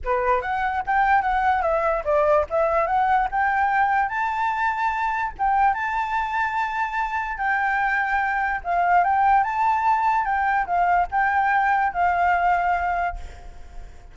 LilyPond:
\new Staff \with { instrumentName = "flute" } { \time 4/4 \tempo 4 = 146 b'4 fis''4 g''4 fis''4 | e''4 d''4 e''4 fis''4 | g''2 a''2~ | a''4 g''4 a''2~ |
a''2 g''2~ | g''4 f''4 g''4 a''4~ | a''4 g''4 f''4 g''4~ | g''4 f''2. | }